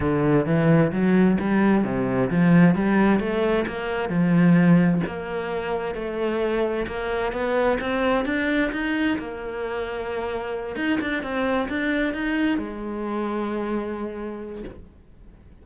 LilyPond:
\new Staff \with { instrumentName = "cello" } { \time 4/4 \tempo 4 = 131 d4 e4 fis4 g4 | c4 f4 g4 a4 | ais4 f2 ais4~ | ais4 a2 ais4 |
b4 c'4 d'4 dis'4 | ais2.~ ais8 dis'8 | d'8 c'4 d'4 dis'4 gis8~ | gis1 | }